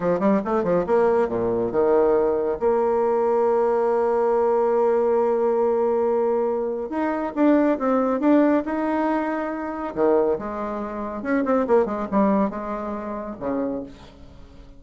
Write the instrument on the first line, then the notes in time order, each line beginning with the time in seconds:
bassoon
0.00 F3
0.19 G3
0.44 A3
0.63 F3
0.86 A#3
1.28 A#2
1.71 D#3
2.59 A#3
6.89 D#4
7.35 D4
7.78 C4
8.20 D4
8.65 D#4
9.94 D#3
10.38 G#3
11.22 C#4
11.44 C4
11.67 A#3
11.85 G#3
12.11 G3
12.50 G#3
13.39 C#3